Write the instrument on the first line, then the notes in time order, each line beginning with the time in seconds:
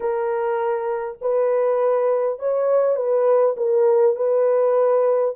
horn
0.00 A#4
1.21 B4
2.39 C#5
2.95 B4
3.56 A#4
4.16 B4